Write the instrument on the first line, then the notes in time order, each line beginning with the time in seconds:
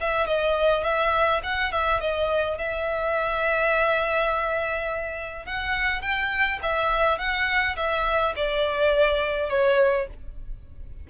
violin
0.00 E5
0.27 D#5
0.83 E5
1.43 F#5
1.72 E5
2.00 D#5
2.58 E5
5.45 F#5
6.01 G5
6.62 E5
7.18 F#5
7.76 E5
8.36 D5
9.49 C#5